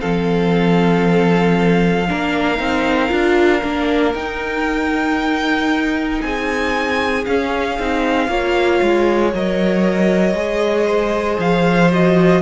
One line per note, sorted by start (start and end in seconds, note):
0.00 2.09 F3
0.00 2.07 C4
0.00 2.07 A4
0.00 4.14 F5
2.08 2.59 A#3
2.08 2.57 D4
2.08 6.23 A#4
2.57 3.11 C4
2.57 3.08 D#4
3.08 3.62 D4
3.08 3.60 F4
3.62 4.13 A#3
3.62 4.14 D4
4.13 6.20 D#4
4.13 7.25 D#4
4.13 6.21 G5
6.21 7.26 C4
6.21 8.29 G#4
6.21 7.24 G#5
7.25 7.78 C#4
7.25 7.79 C#4
7.25 9.32 F5
7.79 8.27 C4
7.79 8.28 D#4
8.27 8.79 A#3
8.27 9.32 F4
8.27 10.86 C#5
8.82 9.33 G#3
9.33 10.34 F#3
9.33 10.35 A#4
9.33 11.39 D#5
10.34 11.37 G#3
10.34 11.91 G#4
10.86 12.41 C5
11.39 12.42 F3
11.39 11.91 F5
11.91 12.42 F#4
11.91 12.42 D#5